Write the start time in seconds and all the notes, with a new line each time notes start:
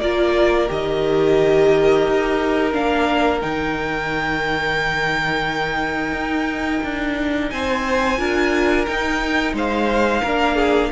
0.00 A#3 F4 A#4 D5
0.67 D#3 G4 D#5
2.06 D#4
2.72 A#3 D4 F5
3.41 D#3 D#4 G5
6.12 D#4
6.83 D4
7.50 C4 C5 G#5
8.17 D4 F4 A#4
8.85 D#4 G5
9.53 G#3 C5 F5
10.22 A#3 D4 A#4
10.55 G#4